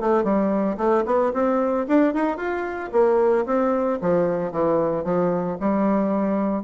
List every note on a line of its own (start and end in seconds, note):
0.00 0.24 A3
0.24 0.77 G3
0.77 1.04 A3
1.05 1.32 B3
1.33 1.86 C4
1.88 2.13 D4
2.13 2.37 D#4
2.37 2.90 F4
2.92 3.45 A#3
3.46 3.99 C4
4.01 4.52 F3
4.52 5.04 E3
5.04 5.57 F3
5.60 6.63 G3